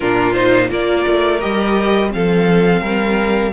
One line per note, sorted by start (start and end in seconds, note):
0.00 0.70 A#2
0.00 0.34 D4
0.00 0.68 F4
0.00 0.33 A#4
0.33 0.68 D#4
0.33 0.68 C5
0.68 1.05 A#3
0.68 1.39 F4
0.68 2.10 A#4
0.68 1.41 D5
1.07 1.43 A3
1.40 2.14 G3
1.40 2.07 G4
1.40 2.11 D#5
2.07 3.49 C4
2.07 3.53 F5
2.14 2.81 F3
2.14 2.81 A4
2.81 3.52 G3
2.81 3.52 A#4